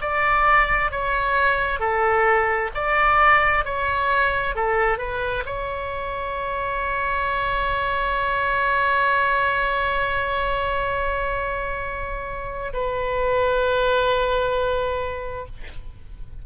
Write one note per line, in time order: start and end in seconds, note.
0.00 0.91 D5
0.91 1.79 C#5
1.79 2.70 A4
2.74 3.64 D5
3.64 4.55 C#5
4.55 4.98 A4
4.98 5.43 B4
5.45 12.72 C#5
12.73 15.45 B4